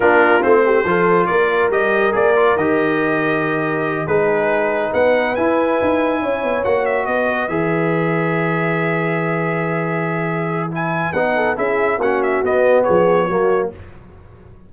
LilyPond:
<<
  \new Staff \with { instrumentName = "trumpet" } { \time 4/4 \tempo 4 = 140 ais'4 c''2 d''4 | dis''4 d''4 dis''2~ | dis''4. b'2 fis''8~ | fis''8 gis''2. fis''8 |
e''8 dis''4 e''2~ e''8~ | e''1~ | e''4 gis''4 fis''4 e''4 | fis''8 e''8 dis''4 cis''2 | }
  \new Staff \with { instrumentName = "horn" } { \time 4/4 f'4. g'8 a'4 ais'4~ | ais'1~ | ais'4. gis'2 b'8~ | b'2~ b'8 cis''4.~ |
cis''8 b'2.~ b'8~ | b'1~ | b'2~ b'8 a'8 gis'4 | fis'2 gis'4 fis'4 | }
  \new Staff \with { instrumentName = "trombone" } { \time 4/4 d'4 c'4 f'2 | g'4 gis'8 f'8 g'2~ | g'4. dis'2~ dis'8~ | dis'8 e'2. fis'8~ |
fis'4. gis'2~ gis'8~ | gis'1~ | gis'4 e'4 dis'4 e'4 | cis'4 b2 ais4 | }
  \new Staff \with { instrumentName = "tuba" } { \time 4/4 ais4 a4 f4 ais4 | g4 ais4 dis2~ | dis4. gis2 b8~ | b8 e'4 dis'4 cis'8 b8 ais8~ |
ais8 b4 e2~ e8~ | e1~ | e2 b4 cis'4 | ais4 b4 f4 fis4 | }
>>